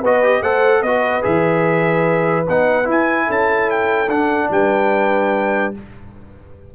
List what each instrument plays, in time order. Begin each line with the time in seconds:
0.00 tuba B3, trombone F#4, horn B4, trumpet D#5
0.23 trombone G4
0.41 tuba A3, trombone A4, horn C5, trumpet F#5
0.82 tuba B3, trombone F#4, horn B4, trumpet D#5
1.22 tuba E3, trombone G#4, trumpet E5
2.48 tuba B3, trombone D#4, trumpet F#5
2.84 trombone E4, tuba E4
2.91 trumpet G#5
3.27 tuba C#4, horn A4, trumpet A5
3.70 trumpet G5
4.08 tuba D4, trombone D4, trumpet F#5
4.50 tuba G3, horn B4, trumpet G5